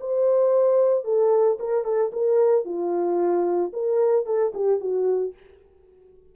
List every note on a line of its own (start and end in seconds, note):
0.00 1.04 C5
1.04 1.58 A4
1.59 1.84 A#4
1.84 2.11 A4
2.12 2.65 A#4
2.65 3.72 F4
3.73 4.26 A#4
4.26 4.53 A4
4.54 4.80 G4
4.80 5.34 F#4